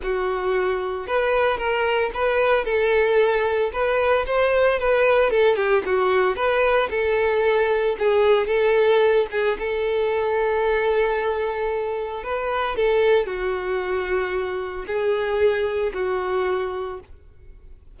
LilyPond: \new Staff \with { instrumentName = "violin" } { \time 4/4 \tempo 4 = 113 fis'2 b'4 ais'4 | b'4 a'2 b'4 | c''4 b'4 a'8 g'8 fis'4 | b'4 a'2 gis'4 |
a'4. gis'8 a'2~ | a'2. b'4 | a'4 fis'2. | gis'2 fis'2 | }